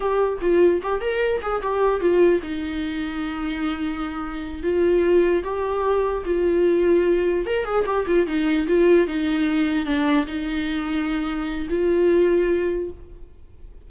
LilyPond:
\new Staff \with { instrumentName = "viola" } { \time 4/4 \tempo 4 = 149 g'4 f'4 g'8 ais'4 gis'8 | g'4 f'4 dis'2~ | dis'2.~ dis'8 f'8~ | f'4. g'2 f'8~ |
f'2~ f'8 ais'8 gis'8 g'8 | f'8 dis'4 f'4 dis'4.~ | dis'8 d'4 dis'2~ dis'8~ | dis'4 f'2. | }